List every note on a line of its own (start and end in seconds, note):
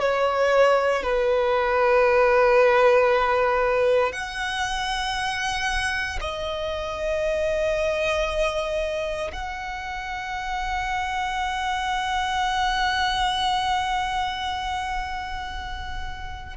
0.00 1.03 C#5
1.03 4.13 B4
4.13 6.20 F#5
6.21 9.32 D#5
9.32 16.57 F#5